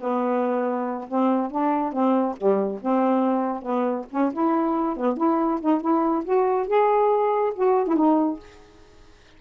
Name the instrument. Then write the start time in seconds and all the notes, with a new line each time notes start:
saxophone
0.00 B3
1.08 C4
1.51 D4
1.92 C4
2.37 G3
2.82 C4
3.62 B3
4.11 C#4
4.33 E4
4.96 B3
5.17 E4
5.61 D#4
5.81 E4
6.24 F#4
6.67 G#4
7.55 F#4
7.87 E4
7.96 D#4